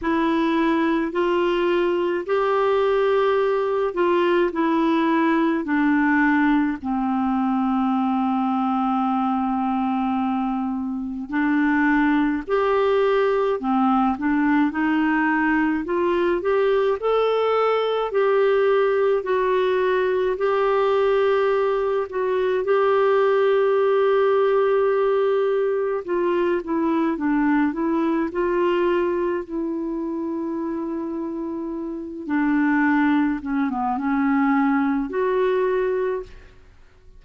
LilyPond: \new Staff \with { instrumentName = "clarinet" } { \time 4/4 \tempo 4 = 53 e'4 f'4 g'4. f'8 | e'4 d'4 c'2~ | c'2 d'4 g'4 | c'8 d'8 dis'4 f'8 g'8 a'4 |
g'4 fis'4 g'4. fis'8 | g'2. f'8 e'8 | d'8 e'8 f'4 e'2~ | e'8 d'4 cis'16 b16 cis'4 fis'4 | }